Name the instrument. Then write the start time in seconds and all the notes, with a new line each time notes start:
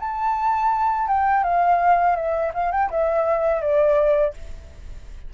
flute
0.00 A5
1.08 G5
1.44 F5
2.16 E5
2.54 F5
2.72 G5
2.91 E5
3.62 D5